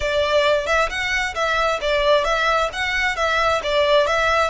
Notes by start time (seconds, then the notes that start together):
0.00 D5
0.66 E5
0.89 F#5
1.34 E5
1.81 D5
2.24 E5
2.73 F#5
3.16 E5
3.63 D5
4.07 E5